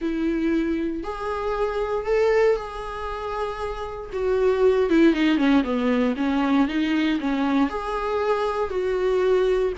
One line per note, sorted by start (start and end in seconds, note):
0.01 1.03 E4
1.03 2.06 G#4
2.06 2.56 A4
2.56 4.10 G#4
4.12 4.89 F#4
4.89 5.13 E4
5.13 5.37 D#4
5.37 5.63 C#4
5.63 6.14 B3
6.16 6.67 C#4
6.68 7.19 D#4
7.20 7.69 C#4
7.69 8.70 G#4
8.70 9.72 F#4